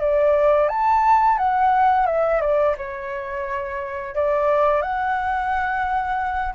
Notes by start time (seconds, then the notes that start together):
0.00 D5
0.68 A5
1.37 F#5
2.06 E5
2.40 D5
2.77 C#5
4.14 D5
4.81 F#5